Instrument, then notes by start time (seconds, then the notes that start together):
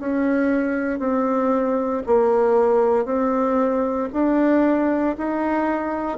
bassoon
0.00 C#4
1.00 C4
2.06 A#3
3.06 C4
4.13 D4
5.18 D#4